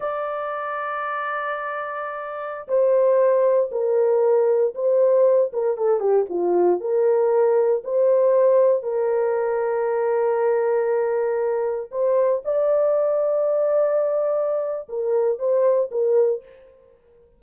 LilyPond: \new Staff \with { instrumentName = "horn" } { \time 4/4 \tempo 4 = 117 d''1~ | d''4~ d''16 c''2 ais'8.~ | ais'4~ ais'16 c''4. ais'8 a'8 g'16~ | g'16 f'4 ais'2 c''8.~ |
c''4~ c''16 ais'2~ ais'8.~ | ais'2.~ ais'16 c''8.~ | c''16 d''2.~ d''8.~ | d''4 ais'4 c''4 ais'4 | }